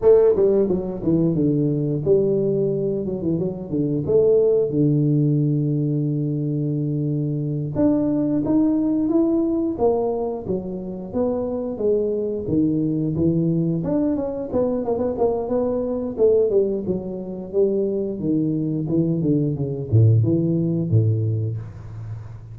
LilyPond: \new Staff \with { instrumentName = "tuba" } { \time 4/4 \tempo 4 = 89 a8 g8 fis8 e8 d4 g4~ | g8 fis16 e16 fis8 d8 a4 d4~ | d2.~ d8 d'8~ | d'8 dis'4 e'4 ais4 fis8~ |
fis8 b4 gis4 dis4 e8~ | e8 d'8 cis'8 b8 ais16 b16 ais8 b4 | a8 g8 fis4 g4 dis4 | e8 d8 cis8 a,8 e4 a,4 | }